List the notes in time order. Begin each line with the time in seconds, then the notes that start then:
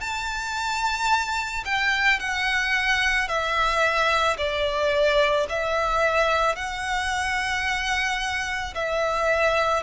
0.00 A5
1.65 G5
2.19 F#5
3.28 E5
4.37 D5
5.49 E5
6.56 F#5
8.75 E5